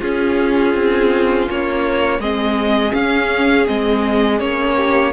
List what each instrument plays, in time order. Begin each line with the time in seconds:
0.00 viola C#4, cello C#4, violin F4 G#4
0.74 cello C4
1.50 cello A#3, violin C#5
2.19 cello G#3, viola C4, violin G#4 D#5
2.90 viola C#4, cello C#4, violin F5
3.66 cello G#3, viola C4, violin D#5
4.39 cello A#3, viola C#4, violin C#5
4.76 violin G4